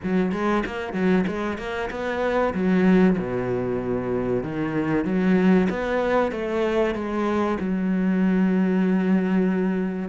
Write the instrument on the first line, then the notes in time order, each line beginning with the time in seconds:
cello
0.03 F#3
0.32 G#3
0.65 A#3
0.93 F#3
1.27 G#3
1.58 A#3
1.90 B3
2.53 F#3
3.18 B2
4.43 D#3
5.04 F#3
5.69 B3
6.31 A3
6.94 G#3
7.60 F#3